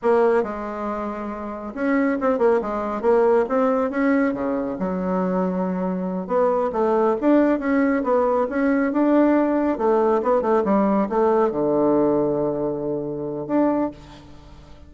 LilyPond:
\new Staff \with { instrumentName = "bassoon" } { \time 4/4 \tempo 4 = 138 ais4 gis2. | cis'4 c'8 ais8 gis4 ais4 | c'4 cis'4 cis4 fis4~ | fis2~ fis8 b4 a8~ |
a8 d'4 cis'4 b4 cis'8~ | cis'8 d'2 a4 b8 | a8 g4 a4 d4.~ | d2. d'4 | }